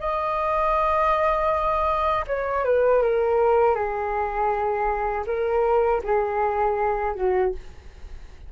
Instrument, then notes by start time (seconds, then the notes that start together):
flute
0.00 D#5
2.27 C#5
2.65 B4
3.02 A#4
3.75 G#4
5.27 A#4
6.04 G#4
7.15 F#4